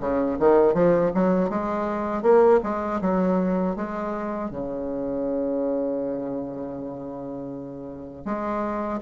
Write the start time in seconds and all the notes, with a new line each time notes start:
0.00 C#3
0.39 D#3
0.74 F3
1.14 F#3
1.49 G#3
2.22 A#3
2.62 G#3
3.01 F#3
3.76 G#3
4.50 C#3
8.25 G#3